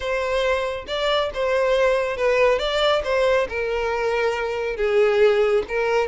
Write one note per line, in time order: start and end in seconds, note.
0.00 0.85 C5
0.87 1.30 D5
1.34 2.16 C5
2.16 2.58 B4
2.58 3.02 D5
3.04 3.47 C5
3.48 4.76 A#4
4.76 5.63 G#4
5.68 6.07 A#4